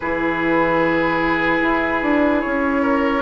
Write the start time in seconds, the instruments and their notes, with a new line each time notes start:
0.00 bassoon E3, clarinet E4, oboe G#4, flute B4
1.62 bassoon E4
2.02 bassoon D4
2.41 bassoon C#4, flute C#5
2.82 oboe A#4